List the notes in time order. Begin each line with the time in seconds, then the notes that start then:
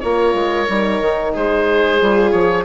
0.00 A#3 F4 A#4 C#5
0.34 G#3
0.69 G3 D#4
1.01 D#3
1.34 G#3 G#4 C5
2.01 G3 F4
2.31 F3 C#5